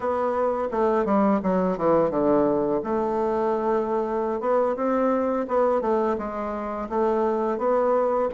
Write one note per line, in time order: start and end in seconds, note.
0.00 0.68 B3
0.71 1.05 A3
1.05 1.40 G3
1.42 1.77 F#3
1.77 2.10 E3
2.10 2.80 D3
2.83 4.40 A3
4.40 4.75 B3
4.76 5.46 C4
5.48 5.81 B3
5.81 6.16 A3
6.18 6.88 G#3
6.89 7.58 A3
7.58 8.28 B3